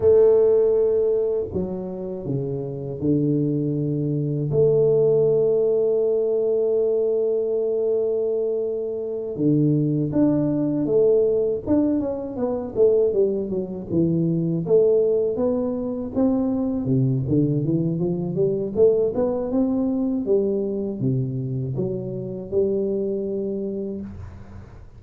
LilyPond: \new Staff \with { instrumentName = "tuba" } { \time 4/4 \tempo 4 = 80 a2 fis4 cis4 | d2 a2~ | a1~ | a8 d4 d'4 a4 d'8 |
cis'8 b8 a8 g8 fis8 e4 a8~ | a8 b4 c'4 c8 d8 e8 | f8 g8 a8 b8 c'4 g4 | c4 fis4 g2 | }